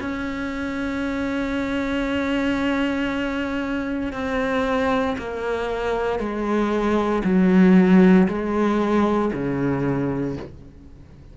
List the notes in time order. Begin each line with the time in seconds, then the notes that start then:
0.00 C#4
4.13 C4
5.18 A#3
6.19 G#3
7.24 F#3
8.28 G#3
9.33 C#3